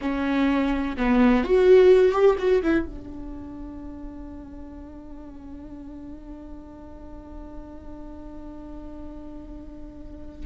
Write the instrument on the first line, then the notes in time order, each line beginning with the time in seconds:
viola
0.01 C#4
0.97 B3
1.44 F#4
2.12 G4
2.38 F#4
2.62 E4
2.86 D4